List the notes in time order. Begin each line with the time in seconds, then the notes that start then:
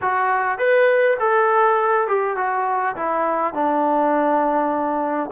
0.01 F#4
0.58 B4
1.19 A4
2.07 G4
2.37 F#4
2.96 E4
3.54 D4